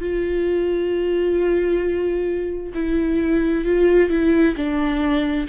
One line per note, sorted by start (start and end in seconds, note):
0.00 2.73 F4
2.74 3.65 E4
3.65 4.10 F4
4.10 4.55 E4
4.56 5.47 D4